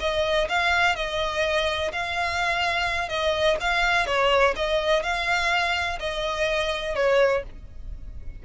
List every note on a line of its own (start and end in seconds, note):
0.00 0.48 D#5
0.49 0.96 F5
0.96 1.92 D#5
1.92 3.09 F5
3.09 3.57 D#5
3.61 4.06 F5
4.06 4.54 C#5
4.56 5.03 D#5
5.03 5.99 F5
5.99 6.95 D#5
6.95 7.43 C#5